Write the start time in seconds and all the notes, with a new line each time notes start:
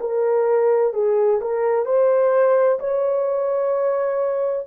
0.00 A#4
0.93 G#4
1.41 A#4
1.85 C5
2.79 C#5